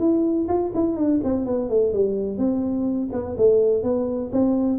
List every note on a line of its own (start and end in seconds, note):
0.00 0.48 E4
0.48 0.72 F4
0.75 0.97 E4
0.97 1.21 D4
1.24 1.46 C4
1.46 1.70 B3
1.70 1.94 A3
1.94 2.38 G3
2.38 3.10 C4
3.13 3.36 B3
3.38 3.83 A3
3.83 4.31 B3
4.32 4.79 C4